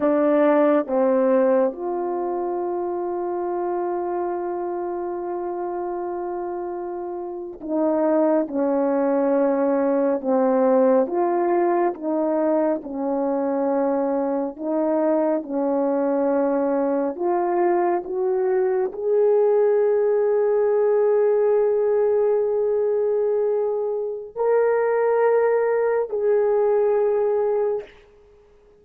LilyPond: \new Staff \with { instrumentName = "horn" } { \time 4/4 \tempo 4 = 69 d'4 c'4 f'2~ | f'1~ | f'8. dis'4 cis'2 c'16~ | c'8. f'4 dis'4 cis'4~ cis'16~ |
cis'8. dis'4 cis'2 f'16~ | f'8. fis'4 gis'2~ gis'16~ | gis'1 | ais'2 gis'2 | }